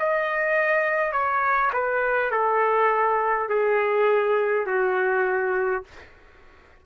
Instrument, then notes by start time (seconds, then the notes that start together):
trumpet
0.00 D#5
1.13 C#5
1.73 B4
2.32 A4
3.49 G#4
4.67 F#4